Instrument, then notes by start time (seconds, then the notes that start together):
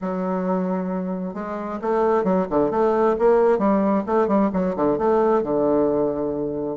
bassoon
0.01 F#3
1.33 G#3
1.81 A3
2.23 F#3
2.49 D3
2.71 A3
3.18 A#3
3.58 G3
4.06 A3
4.27 G3
4.53 F#3
4.76 D3
4.97 A3
5.43 D3